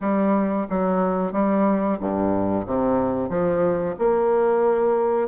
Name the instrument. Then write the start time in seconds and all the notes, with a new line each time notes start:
bassoon
0.00 G3
0.69 F#3
1.32 G3
2.00 G2
2.66 C3
3.29 F3
3.99 A#3